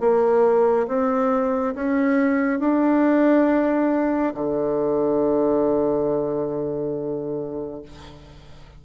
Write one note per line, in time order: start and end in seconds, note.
0.00 0.87 A#3
0.87 1.74 C4
1.75 2.60 C#4
2.60 4.34 D4
4.34 7.82 D3